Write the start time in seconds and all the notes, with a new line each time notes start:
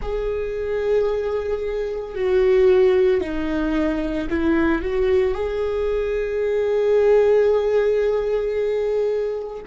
0.02 G#4
2.15 F#4
3.20 D#4
4.29 E4
4.82 F#4
5.34 G#4